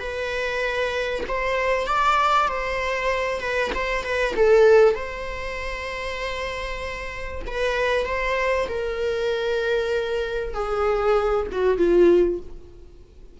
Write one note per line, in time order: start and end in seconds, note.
0.00 1.24 B4
1.28 1.87 C5
1.87 2.49 D5
2.49 3.41 C5
3.41 3.72 B4
3.75 4.04 C5
4.04 4.35 B4
4.37 4.95 A4
4.95 7.43 C5
7.47 8.06 B4
8.06 8.68 C5
8.69 10.54 A#4
10.54 11.47 G#4
11.52 11.78 F#4
11.78 12.40 F4